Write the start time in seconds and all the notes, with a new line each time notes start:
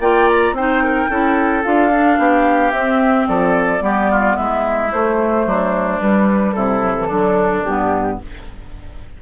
0.00 A#3 F4 D5 G5
0.28 A#5
0.52 C4 D#4 C5 G5
0.84 A#4
1.10 C#4 E4 A4
1.64 D4 F4 F5
1.93 D4
2.19 B3 G4
2.72 C4 E5
3.28 F3 A4 D5
3.80 G3 B3 G4
4.11 F4
4.37 G#3 E4 E5
4.92 A3 C5
5.46 F#3 D4
6.00 G3 B4
6.53 C3 E4 A4
6.82 F#3
6.97 E3
7.08 D3 F#3 D4
7.64 G2 B3 G4